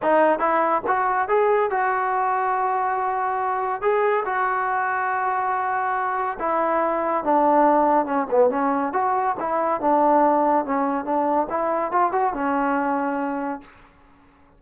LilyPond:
\new Staff \with { instrumentName = "trombone" } { \time 4/4 \tempo 4 = 141 dis'4 e'4 fis'4 gis'4 | fis'1~ | fis'4 gis'4 fis'2~ | fis'2. e'4~ |
e'4 d'2 cis'8 b8 | cis'4 fis'4 e'4 d'4~ | d'4 cis'4 d'4 e'4 | f'8 fis'8 cis'2. | }